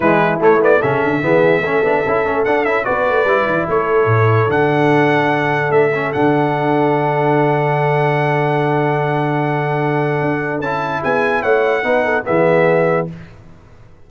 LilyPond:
<<
  \new Staff \with { instrumentName = "trumpet" } { \time 4/4 \tempo 4 = 147 b'4 cis''8 d''8 e''2~ | e''2 fis''8 e''8 d''4~ | d''4 cis''2 fis''4~ | fis''2 e''4 fis''4~ |
fis''1~ | fis''1~ | fis''2 a''4 gis''4 | fis''2 e''2 | }
  \new Staff \with { instrumentName = "horn" } { \time 4/4 e'2 a'4 gis'4 | a'2. b'4~ | b'4 a'2.~ | a'1~ |
a'1~ | a'1~ | a'2. gis'4 | cis''4 b'8 a'8 gis'2 | }
  \new Staff \with { instrumentName = "trombone" } { \time 4/4 gis4 a8 b8 cis'4 b4 | cis'8 d'8 e'8 cis'8 d'8 e'8 fis'4 | e'2. d'4~ | d'2~ d'8 cis'8 d'4~ |
d'1~ | d'1~ | d'2 e'2~ | e'4 dis'4 b2 | }
  \new Staff \with { instrumentName = "tuba" } { \time 4/4 e4 a4 cis8 d8 e4 | a8 b8 cis'8 a8 d'8 cis'8 b8 a8 | g8 e8 a4 a,4 d4~ | d2 a4 d4~ |
d1~ | d1~ | d4 d'4 cis'4 b4 | a4 b4 e2 | }
>>